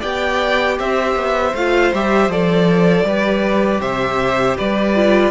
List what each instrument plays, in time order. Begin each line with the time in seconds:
0.00 cello B3, viola G4, violin D5 G5
0.79 cello C4, violin C5 E5
1.15 cello B3
1.54 cello A3, viola F4, violin F5
1.93 cello G3, viola G4, violin E5
2.29 cello F3, viola A4, violin D5
3.03 cello G3, viola G4, violin B4
3.81 cello C3, violin C5 E5
4.57 cello G3, violin B4 D5
4.95 viola F4